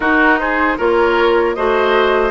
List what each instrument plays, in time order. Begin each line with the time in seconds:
0.00 bassoon D#4, clarinet D#4, oboe F#4, flute A#4
0.39 oboe G#4, flute C5
0.77 bassoon A#3, clarinet F4, oboe A#4, flute C#5
1.54 bassoon A3, clarinet F#4, oboe C5, flute D#5